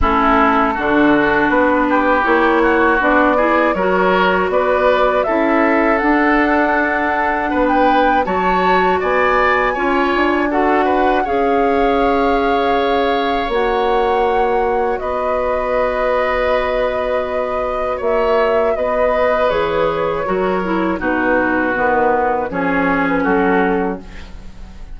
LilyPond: <<
  \new Staff \with { instrumentName = "flute" } { \time 4/4 \tempo 4 = 80 a'2 b'4 cis''4 | d''4 cis''4 d''4 e''4 | fis''2~ fis''16 g''8. a''4 | gis''2 fis''4 f''4~ |
f''2 fis''2 | dis''1 | e''4 dis''4 cis''2 | b'2 cis''8. b'16 a'4 | }
  \new Staff \with { instrumentName = "oboe" } { \time 4/4 e'4 fis'4. g'4 fis'8~ | fis'8 gis'8 ais'4 b'4 a'4~ | a'2 b'4 cis''4 | d''4 cis''4 a'8 b'8 cis''4~ |
cis''1 | b'1 | cis''4 b'2 ais'4 | fis'2 gis'4 fis'4 | }
  \new Staff \with { instrumentName = "clarinet" } { \time 4/4 cis'4 d'2 e'4 | d'8 e'8 fis'2 e'4 | d'2. fis'4~ | fis'4 f'4 fis'4 gis'4~ |
gis'2 fis'2~ | fis'1~ | fis'2 gis'4 fis'8 e'8 | dis'4 b4 cis'2 | }
  \new Staff \with { instrumentName = "bassoon" } { \time 4/4 a4 d4 b4 ais4 | b4 fis4 b4 cis'4 | d'2 b4 fis4 | b4 cis'8 d'4. cis'4~ |
cis'2 ais2 | b1 | ais4 b4 e4 fis4 | b,4 dis4 f4 fis4 | }
>>